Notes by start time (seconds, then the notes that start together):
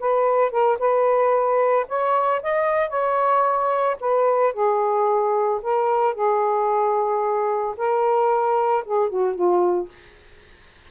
0.00 B4
0.51 A#4
0.79 B4
1.88 C#5
2.43 D#5
2.90 C#5
4.01 B4
4.54 G#4
5.63 A#4
6.15 G#4
7.78 A#4
8.85 G#4
9.10 F#4
9.36 F4